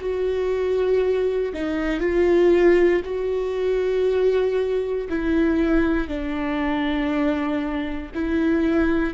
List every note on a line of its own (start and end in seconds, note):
0.00 1.53 F#4
1.53 2.00 D#4
2.00 3.01 F4
3.04 5.08 F#4
5.09 6.08 E4
6.08 8.11 D4
8.14 9.14 E4